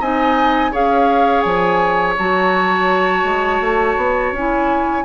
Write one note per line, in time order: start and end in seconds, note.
0.00 0.72 C4
0.00 0.72 D#4
0.00 0.72 D#5
0.00 0.74 G#5
0.72 1.45 C#4
0.72 2.16 G#4
0.72 5.05 C#5
0.72 1.41 F5
1.41 2.17 F3
1.41 2.14 G#5
2.18 3.24 F#3
2.18 4.36 F#4
2.18 4.35 A5
3.24 3.60 G#3
3.61 3.97 A3
3.97 4.32 B3
4.32 5.04 C#4
4.32 5.05 E4
4.32 5.05 G#5